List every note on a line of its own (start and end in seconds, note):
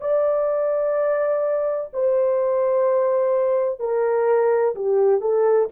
0.00 1.90 D5
1.93 3.79 C5
3.79 4.74 A#4
4.75 5.20 G4
5.20 5.68 A4